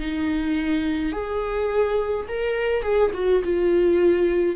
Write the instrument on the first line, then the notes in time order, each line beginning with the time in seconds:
viola
0.00 D#4
1.13 G#4
2.29 A#4
2.83 G#4
3.14 F#4
3.44 F4